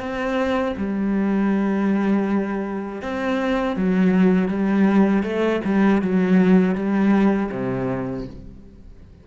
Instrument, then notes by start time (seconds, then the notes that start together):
cello
0.00 C4
0.77 G3
3.02 C4
3.77 F#3
4.49 G3
5.23 A3
5.65 G3
6.02 F#3
6.75 G3
7.52 C3